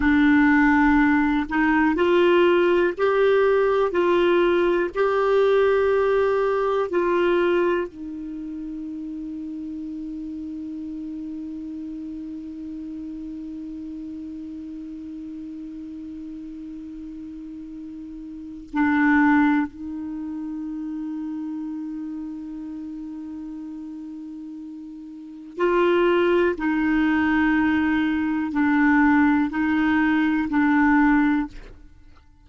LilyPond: \new Staff \with { instrumentName = "clarinet" } { \time 4/4 \tempo 4 = 61 d'4. dis'8 f'4 g'4 | f'4 g'2 f'4 | dis'1~ | dis'1~ |
dis'2. d'4 | dis'1~ | dis'2 f'4 dis'4~ | dis'4 d'4 dis'4 d'4 | }